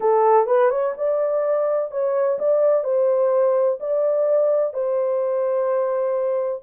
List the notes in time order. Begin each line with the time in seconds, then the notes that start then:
0.00 A4
0.46 B4
0.70 C#5
0.97 D5
1.91 C#5
2.38 D5
2.84 C5
3.79 D5
4.73 C5